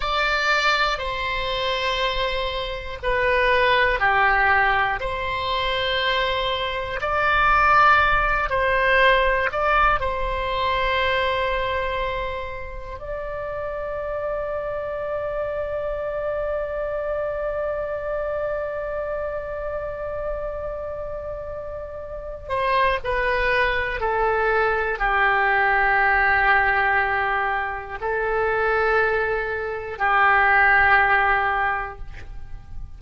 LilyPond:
\new Staff \with { instrumentName = "oboe" } { \time 4/4 \tempo 4 = 60 d''4 c''2 b'4 | g'4 c''2 d''4~ | d''8 c''4 d''8 c''2~ | c''4 d''2.~ |
d''1~ | d''2~ d''8 c''8 b'4 | a'4 g'2. | a'2 g'2 | }